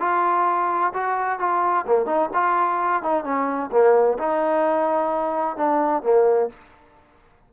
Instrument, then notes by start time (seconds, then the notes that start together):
trombone
0.00 F4
0.94 F#4
1.39 F4
1.87 A#3
2.06 D#4
2.34 F4
3.03 D#4
3.24 C#4
3.72 A#3
4.18 D#4
5.57 D4
6.03 A#3